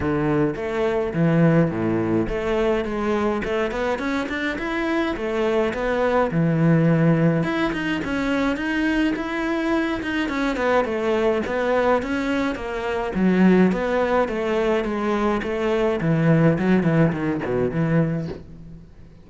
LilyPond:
\new Staff \with { instrumentName = "cello" } { \time 4/4 \tempo 4 = 105 d4 a4 e4 a,4 | a4 gis4 a8 b8 cis'8 d'8 | e'4 a4 b4 e4~ | e4 e'8 dis'8 cis'4 dis'4 |
e'4. dis'8 cis'8 b8 a4 | b4 cis'4 ais4 fis4 | b4 a4 gis4 a4 | e4 fis8 e8 dis8 b,8 e4 | }